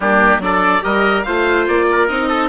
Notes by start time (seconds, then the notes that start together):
0.00 G3 A#3 D4 G4
0.38 F#3 D4 A4 D5
0.80 G3 G4 A#4 D#5
1.22 A3 F4 C5 F5
1.68 A#3 D5
1.91 A#4
2.07 C4 D#4 D#5
2.28 A4